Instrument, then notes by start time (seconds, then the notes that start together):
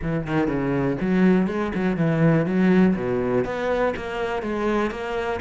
cello
0.01 E3
0.26 D#3
0.47 C#3
1.00 F#3
1.47 G#3
1.75 F#3
1.96 E3
2.46 F#3
2.95 B2
3.44 B3
3.96 A#3
4.42 G#3
4.90 A#3